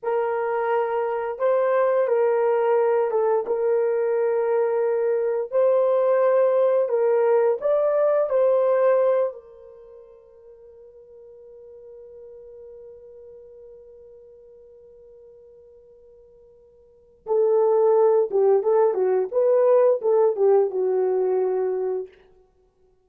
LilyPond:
\new Staff \with { instrumentName = "horn" } { \time 4/4 \tempo 4 = 87 ais'2 c''4 ais'4~ | ais'8 a'8 ais'2. | c''2 ais'4 d''4 | c''4. ais'2~ ais'8~ |
ais'1~ | ais'1~ | ais'4 a'4. g'8 a'8 fis'8 | b'4 a'8 g'8 fis'2 | }